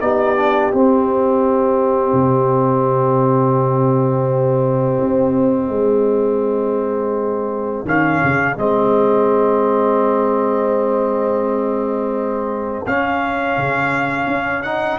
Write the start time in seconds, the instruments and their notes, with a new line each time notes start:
0.00 tuba B3, trombone D#4, horn G4, trumpet D5
0.36 trombone D4
0.71 trombone C4, tuba C4, trumpet D#5
2.12 tuba C3
5.00 tuba C4
5.69 tuba G#3, horn G#4
7.85 tuba D#3, trombone C#4, trumpet F5
8.23 tuba C#3
8.57 tuba G#3, trombone C4, trumpet D#5
12.86 tuba C#4, trombone C#4, trumpet F5
13.57 tuba C#3
14.26 tuba C#4
14.62 trombone D#4, trumpet F#5